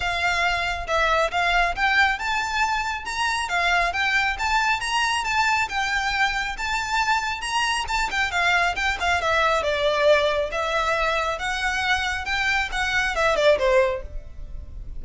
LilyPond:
\new Staff \with { instrumentName = "violin" } { \time 4/4 \tempo 4 = 137 f''2 e''4 f''4 | g''4 a''2 ais''4 | f''4 g''4 a''4 ais''4 | a''4 g''2 a''4~ |
a''4 ais''4 a''8 g''8 f''4 | g''8 f''8 e''4 d''2 | e''2 fis''2 | g''4 fis''4 e''8 d''8 c''4 | }